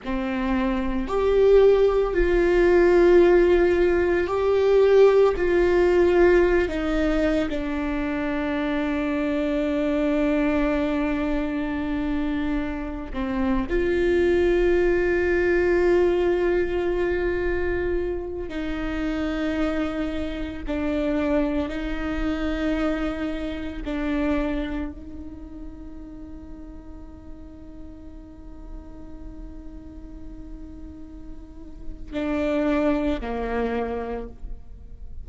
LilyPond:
\new Staff \with { instrumentName = "viola" } { \time 4/4 \tempo 4 = 56 c'4 g'4 f'2 | g'4 f'4~ f'16 dis'8. d'4~ | d'1~ | d'16 c'8 f'2.~ f'16~ |
f'4~ f'16 dis'2 d'8.~ | d'16 dis'2 d'4 dis'8.~ | dis'1~ | dis'2 d'4 ais4 | }